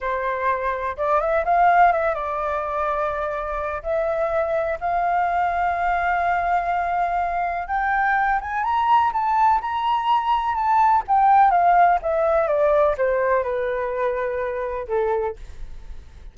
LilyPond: \new Staff \with { instrumentName = "flute" } { \time 4/4 \tempo 4 = 125 c''2 d''8 e''8 f''4 | e''8 d''2.~ d''8 | e''2 f''2~ | f''1 |
g''4. gis''8 ais''4 a''4 | ais''2 a''4 g''4 | f''4 e''4 d''4 c''4 | b'2. a'4 | }